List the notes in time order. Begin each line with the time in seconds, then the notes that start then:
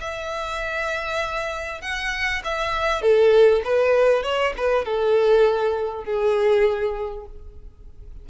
0.00 E5
1.81 F#5
2.44 E5
3.02 A4
3.64 B4
4.23 C#5
4.57 B4
4.85 A4
6.04 G#4